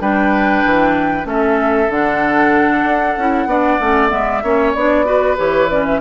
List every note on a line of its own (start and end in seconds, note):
0.00 0.63 G3
0.00 1.24 D4
0.00 1.27 B4
0.00 1.27 G5
0.65 1.25 E3
1.24 1.88 A3
1.24 1.87 C#4
1.24 3.48 A4
1.24 1.91 E5
1.89 2.84 D3
1.89 3.18 D4
1.89 4.09 F#5
2.84 3.15 D4
3.17 3.46 C#4
3.17 3.48 E4
3.46 3.77 B3
3.46 3.79 D4
3.46 4.43 D5
3.80 4.11 A3
3.80 4.09 C#4
4.09 4.43 G#3
4.09 4.40 B3
4.09 4.72 E5
4.43 4.74 A#3
4.43 4.76 C#4
4.43 5.06 C#5
4.73 5.38 B3
4.73 5.05 D4
4.73 5.37 D5
5.05 5.37 F#4
5.05 6.00 B4
5.37 6.00 E3
5.37 5.69 G4
5.37 5.69 C#5
5.69 6.00 C#4
5.69 5.85 D5
5.86 6.00 E5